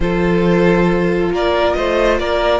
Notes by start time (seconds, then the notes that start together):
0.00 F3 F4 A4 C5
1.30 A#3 A#4 D5
1.73 A3 C5 D#5
2.19 A#3 A#4 D5